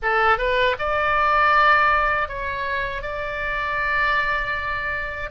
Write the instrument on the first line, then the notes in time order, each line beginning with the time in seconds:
oboe
0.02 A4
0.38 B4
0.78 D5
2.28 C#5
3.02 D5